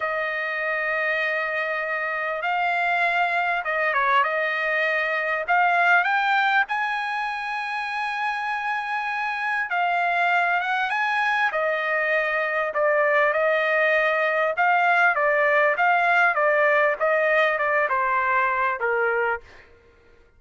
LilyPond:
\new Staff \with { instrumentName = "trumpet" } { \time 4/4 \tempo 4 = 99 dis''1 | f''2 dis''8 cis''8 dis''4~ | dis''4 f''4 g''4 gis''4~ | gis''1 |
f''4. fis''8 gis''4 dis''4~ | dis''4 d''4 dis''2 | f''4 d''4 f''4 d''4 | dis''4 d''8 c''4. ais'4 | }